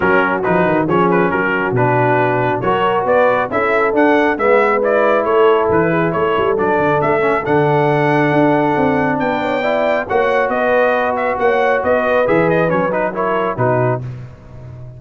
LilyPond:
<<
  \new Staff \with { instrumentName = "trumpet" } { \time 4/4 \tempo 4 = 137 ais'4 b'4 cis''8 b'8 ais'4 | b'2 cis''4 d''4 | e''4 fis''4 e''4 d''4 | cis''4 b'4 cis''4 d''4 |
e''4 fis''2.~ | fis''4 g''2 fis''4 | dis''4. e''8 fis''4 dis''4 | e''8 dis''8 cis''8 b'8 cis''4 b'4 | }
  \new Staff \with { instrumentName = "horn" } { \time 4/4 fis'2 gis'4 fis'4~ | fis'2 ais'4 b'4 | a'2 b'2 | a'4. gis'8 a'2~ |
a'1~ | a'4 b'8 cis''8 d''4 cis''4 | b'2 cis''4 b'4~ | b'2 ais'4 fis'4 | }
  \new Staff \with { instrumentName = "trombone" } { \time 4/4 cis'4 dis'4 cis'2 | d'2 fis'2 | e'4 d'4 b4 e'4~ | e'2. d'4~ |
d'8 cis'8 d'2.~ | d'2 e'4 fis'4~ | fis'1 | gis'4 cis'8 dis'8 e'4 dis'4 | }
  \new Staff \with { instrumentName = "tuba" } { \time 4/4 fis4 f8 dis8 f4 fis4 | b,2 fis4 b4 | cis'4 d'4 gis2 | a4 e4 a8 g8 fis8 d8 |
a4 d2 d'4 | c'4 b2 ais4 | b2 ais4 b4 | e4 fis2 b,4 | }
>>